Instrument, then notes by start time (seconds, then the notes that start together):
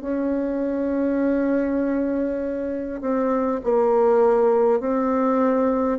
bassoon
0.00 C#4
3.00 C4
3.63 A#3
4.79 C4